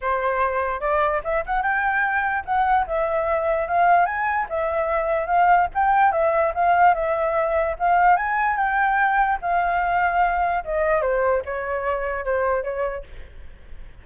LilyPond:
\new Staff \with { instrumentName = "flute" } { \time 4/4 \tempo 4 = 147 c''2 d''4 e''8 fis''8 | g''2 fis''4 e''4~ | e''4 f''4 gis''4 e''4~ | e''4 f''4 g''4 e''4 |
f''4 e''2 f''4 | gis''4 g''2 f''4~ | f''2 dis''4 c''4 | cis''2 c''4 cis''4 | }